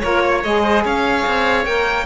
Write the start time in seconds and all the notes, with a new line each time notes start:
0.00 A#3 F4 A#4 C#5
0.23 C#5
0.44 G#3 G#4 D#5
0.62 C5
0.85 C#4 C#5 F5
1.27 C4
1.65 A#3 A#4 G5